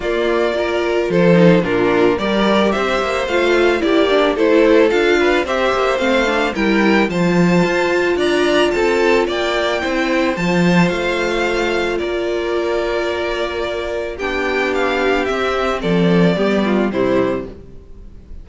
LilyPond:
<<
  \new Staff \with { instrumentName = "violin" } { \time 4/4 \tempo 4 = 110 d''2 c''4 ais'4 | d''4 e''4 f''4 d''4 | c''4 f''4 e''4 f''4 | g''4 a''2 ais''4 |
a''4 g''2 a''4 | f''2 d''2~ | d''2 g''4 f''4 | e''4 d''2 c''4 | }
  \new Staff \with { instrumentName = "violin" } { \time 4/4 f'4 ais'4 a'4 f'4 | ais'4 c''2 g'4 | a'4. b'8 c''2 | ais'4 c''2 d''4 |
a'4 d''4 c''2~ | c''2 ais'2~ | ais'2 g'2~ | g'4 a'4 g'8 f'8 e'4 | }
  \new Staff \with { instrumentName = "viola" } { \time 4/4 ais4 f'4. dis'8 d'4 | g'2 f'4 e'8 d'8 | e'4 f'4 g'4 c'8 d'8 | e'4 f'2.~ |
f'2 e'4 f'4~ | f'1~ | f'2 d'2 | c'2 b4 g4 | }
  \new Staff \with { instrumentName = "cello" } { \time 4/4 ais2 f4 ais,4 | g4 c'8 ais8 a4 ais4 | a4 d'4 c'8 ais8 a4 | g4 f4 f'4 d'4 |
c'4 ais4 c'4 f4 | a2 ais2~ | ais2 b2 | c'4 f4 g4 c4 | }
>>